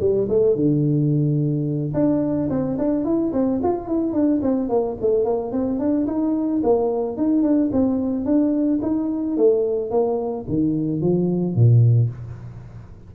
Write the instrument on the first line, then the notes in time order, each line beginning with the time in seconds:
tuba
0.00 G3
0.29 A3
0.55 D3
1.94 D4
2.49 C4
2.78 D4
3.04 E4
3.33 C4
3.63 F4
3.87 E4
4.13 D4
4.42 C4
4.69 A#3
5.01 A3
5.24 A#3
5.51 C4
5.78 D4
6.07 D#4
6.63 A#3
7.17 D#4
7.42 D4
7.72 C4
8.24 D4
8.82 D#4
9.37 A3
9.90 A#3
10.48 D#3
11.00 F3
11.54 A#2